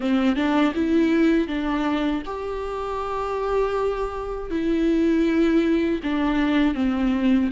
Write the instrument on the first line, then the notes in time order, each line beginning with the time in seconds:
viola
0.00 C4
0.35 D4
0.74 E4
1.47 D4
2.25 G4
4.50 E4
6.03 D4
6.74 C4